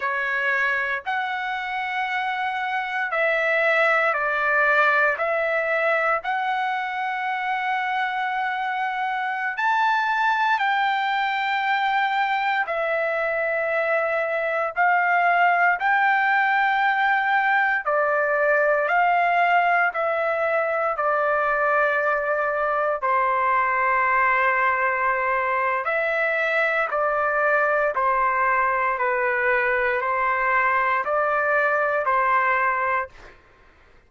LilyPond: \new Staff \with { instrumentName = "trumpet" } { \time 4/4 \tempo 4 = 58 cis''4 fis''2 e''4 | d''4 e''4 fis''2~ | fis''4~ fis''16 a''4 g''4.~ g''16~ | g''16 e''2 f''4 g''8.~ |
g''4~ g''16 d''4 f''4 e''8.~ | e''16 d''2 c''4.~ c''16~ | c''4 e''4 d''4 c''4 | b'4 c''4 d''4 c''4 | }